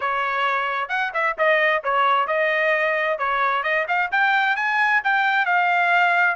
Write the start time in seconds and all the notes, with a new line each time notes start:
0.00 C#5
0.89 F#5
1.13 E5
1.38 D#5
1.83 C#5
2.27 D#5
3.18 C#5
3.63 D#5
3.87 F5
4.11 G5
4.56 G#5
5.04 G5
5.45 F5